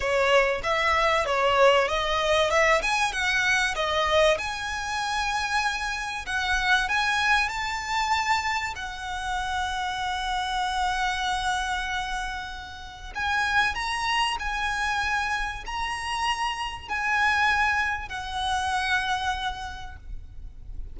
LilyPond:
\new Staff \with { instrumentName = "violin" } { \time 4/4 \tempo 4 = 96 cis''4 e''4 cis''4 dis''4 | e''8 gis''8 fis''4 dis''4 gis''4~ | gis''2 fis''4 gis''4 | a''2 fis''2~ |
fis''1~ | fis''4 gis''4 ais''4 gis''4~ | gis''4 ais''2 gis''4~ | gis''4 fis''2. | }